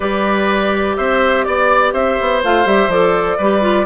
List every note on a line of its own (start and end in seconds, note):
0.00 0.97 G3
0.00 2.42 G4
0.00 0.96 B4
0.00 0.96 D5
0.96 1.46 C4
0.96 1.45 C5
0.96 1.44 E5
1.44 1.93 B3
1.44 1.92 D5
1.44 1.93 D5
1.93 2.17 C4
1.93 3.37 C5
1.93 2.41 E5
2.21 2.43 B3
2.43 2.65 A3
2.43 2.65 F4
2.43 2.67 F5
2.65 2.87 G3
2.65 2.89 G4
2.65 2.90 E5
2.87 3.36 F3
2.87 3.39 A4
2.87 3.85 D5
3.37 3.85 G3
3.37 3.61 G4
3.37 3.85 B4
3.61 3.85 F4